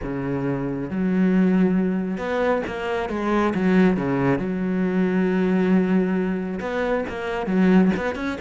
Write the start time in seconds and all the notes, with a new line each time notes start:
0.02 C#3
0.90 F#3
2.17 B3
2.66 A#3
3.09 G#3
3.54 F#3
3.96 C#3
4.39 F#3
6.60 B3
7.08 A#3
7.46 F#3
7.96 B3
8.15 C#4